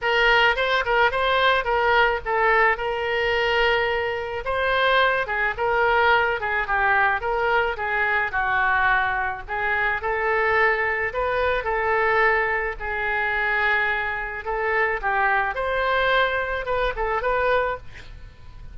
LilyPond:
\new Staff \with { instrumentName = "oboe" } { \time 4/4 \tempo 4 = 108 ais'4 c''8 ais'8 c''4 ais'4 | a'4 ais'2. | c''4. gis'8 ais'4. gis'8 | g'4 ais'4 gis'4 fis'4~ |
fis'4 gis'4 a'2 | b'4 a'2 gis'4~ | gis'2 a'4 g'4 | c''2 b'8 a'8 b'4 | }